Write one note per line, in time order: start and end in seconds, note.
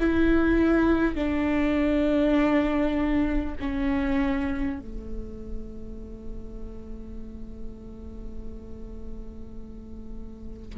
0.00 1.16 E4
1.16 3.56 D4
3.61 4.80 C#4
4.80 10.78 A3